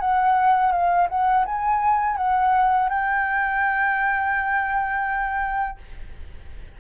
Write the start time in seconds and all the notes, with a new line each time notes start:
0.00 F#5
0.72 F5
1.09 F#5
1.45 G#5
2.17 F#5
2.89 G5